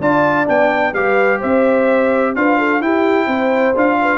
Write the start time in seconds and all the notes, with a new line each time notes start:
0.00 D4 F4 D5 A5
0.46 B3 D4 G5
0.93 G3 G4 B4 F5
1.39 C4 C5 E5
2.36 D4 F4 B4 F5
2.59 A4
2.81 E4 G4 G5
3.26 C4 C5
3.76 D4 F4 F5
4.02 B4